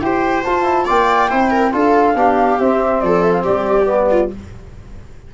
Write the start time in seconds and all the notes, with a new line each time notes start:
0.00 E4 G4 C5 G5
0.43 F4 A5
0.64 E4
0.85 A#3 F4 D5 G5
1.29 C4 E4 C5
1.50 A#4
1.72 D4 F4 A4 F5
2.15 B3 D4 G4
2.59 C4 E5
3.00 F3 A4 D5
3.22 E5
3.32 F5
3.42 G3 G4 D5
3.85 B3
4.11 F4